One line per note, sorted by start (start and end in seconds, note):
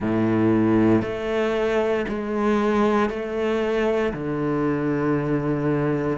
0.00 1.02 A2
1.02 2.05 A3
2.08 3.09 G#3
3.09 4.12 A3
4.13 6.18 D3